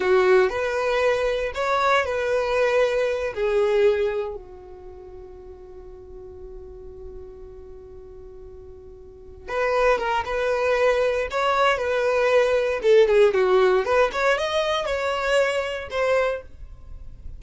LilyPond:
\new Staff \with { instrumentName = "violin" } { \time 4/4 \tempo 4 = 117 fis'4 b'2 cis''4 | b'2~ b'8 gis'4.~ | gis'8 fis'2.~ fis'8~ | fis'1~ |
fis'2~ fis'8 b'4 ais'8 | b'2 cis''4 b'4~ | b'4 a'8 gis'8 fis'4 b'8 cis''8 | dis''4 cis''2 c''4 | }